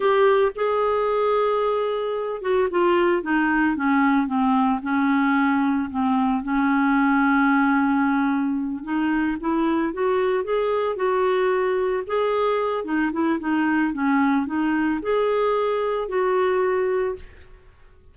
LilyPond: \new Staff \with { instrumentName = "clarinet" } { \time 4/4 \tempo 4 = 112 g'4 gis'2.~ | gis'8 fis'8 f'4 dis'4 cis'4 | c'4 cis'2 c'4 | cis'1~ |
cis'8 dis'4 e'4 fis'4 gis'8~ | gis'8 fis'2 gis'4. | dis'8 e'8 dis'4 cis'4 dis'4 | gis'2 fis'2 | }